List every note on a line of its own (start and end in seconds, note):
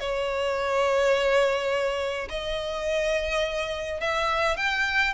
0.00 2.29 C#5
2.29 4.01 D#5
4.01 4.57 E5
4.57 5.14 G5